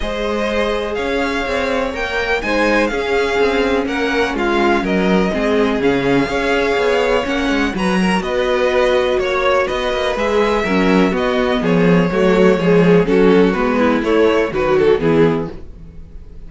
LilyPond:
<<
  \new Staff \with { instrumentName = "violin" } { \time 4/4 \tempo 4 = 124 dis''2 f''2 | g''4 gis''4 f''2 | fis''4 f''4 dis''2 | f''2. fis''4 |
ais''4 dis''2 cis''4 | dis''4 e''2 dis''4 | cis''2. a'4 | b'4 cis''4 b'8 a'8 gis'4 | }
  \new Staff \with { instrumentName = "violin" } { \time 4/4 c''2 cis''2~ | cis''4 c''4 gis'2 | ais'4 f'4 ais'4 gis'4~ | gis'4 cis''2. |
b'8 ais'8 b'2 cis''4 | b'2 ais'4 fis'4 | gis'4 fis'4 gis'4 fis'4~ | fis'8 e'4. fis'4 e'4 | }
  \new Staff \with { instrumentName = "viola" } { \time 4/4 gis'1 | ais'4 dis'4 cis'2~ | cis'2. c'4 | cis'4 gis'2 cis'4 |
fis'1~ | fis'4 gis'4 cis'4 b4~ | b4 a4 gis4 cis'4 | b4 a4 fis4 b4 | }
  \new Staff \with { instrumentName = "cello" } { \time 4/4 gis2 cis'4 c'4 | ais4 gis4 cis'4 c'4 | ais4 gis4 fis4 gis4 | cis4 cis'4 b4 ais8 gis8 |
fis4 b2 ais4 | b8 ais8 gis4 fis4 b4 | f4 fis4 f4 fis4 | gis4 a4 dis4 e4 | }
>>